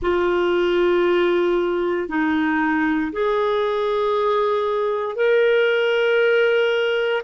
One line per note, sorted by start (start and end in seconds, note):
0.02 2.08 F4
2.08 3.12 D#4
3.12 5.15 G#4
5.15 7.22 A#4